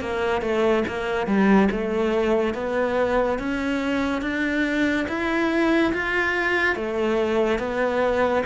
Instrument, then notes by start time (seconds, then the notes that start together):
cello
0.00 A#3
0.41 A3
0.88 A#3
1.26 G3
1.71 A3
2.54 B3
3.39 C#4
4.21 D4
5.08 E4
5.93 F4
6.75 A3
7.59 B3